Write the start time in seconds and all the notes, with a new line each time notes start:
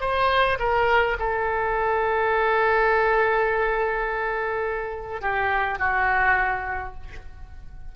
0.00 C5
0.59 A#4
1.19 A4
5.21 G4
5.78 F#4